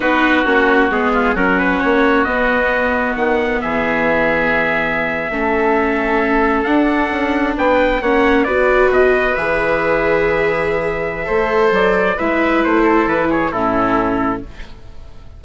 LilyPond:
<<
  \new Staff \with { instrumentName = "trumpet" } { \time 4/4 \tempo 4 = 133 b'4 fis'4 gis'4 ais'8 b'8 | cis''4 dis''2 fis''4 | e''1~ | e''2~ e''8. fis''4~ fis''16~ |
fis''8. g''4 fis''4 d''4 dis''16~ | dis''8. e''2.~ e''16~ | e''2 d''4 e''4 | c''4 b'8 cis''8 a'2 | }
  \new Staff \with { instrumentName = "oboe" } { \time 4/4 fis'2~ fis'8 f'8 fis'4~ | fis'1 | gis'2.~ gis'8. a'16~ | a'1~ |
a'8. b'4 cis''4 b'4~ b'16~ | b'1~ | b'4 c''2 b'4~ | b'8 a'4 gis'8 e'2 | }
  \new Staff \with { instrumentName = "viola" } { \time 4/4 dis'4 cis'4 b4 cis'4~ | cis'4 b2.~ | b2.~ b8. cis'16~ | cis'2~ cis'8. d'4~ d'16~ |
d'4.~ d'16 cis'4 fis'4~ fis'16~ | fis'8. gis'2.~ gis'16~ | gis'4 a'2 e'4~ | e'2 cis'2 | }
  \new Staff \with { instrumentName = "bassoon" } { \time 4/4 b4 ais4 gis4 fis4 | ais4 b2 dis4 | e2.~ e8. a16~ | a2~ a8. d'4 cis'16~ |
cis'8. b4 ais4 b4 b,16~ | b,8. e2.~ e16~ | e4 a4 fis4 gis4 | a4 e4 a,2 | }
>>